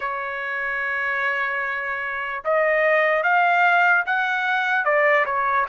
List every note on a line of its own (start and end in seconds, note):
0.00 2.43 C#5
2.44 3.23 D#5
3.23 4.04 F5
4.05 4.84 F#5
4.84 5.25 D5
5.25 5.66 C#5